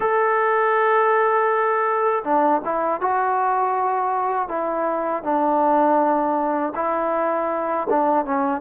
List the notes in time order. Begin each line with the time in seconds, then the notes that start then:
0.00 A4
2.24 D4
2.64 E4
3.00 F#4
4.48 E4
5.23 D4
6.75 E4
7.89 D4
8.25 C#4